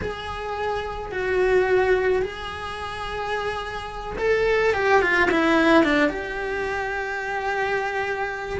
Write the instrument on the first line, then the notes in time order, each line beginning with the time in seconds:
cello
0.01 G#4
1.11 F#4
2.22 G#4
4.18 A4
4.73 G4
5.01 F4
5.30 E4
5.83 D4
6.09 G4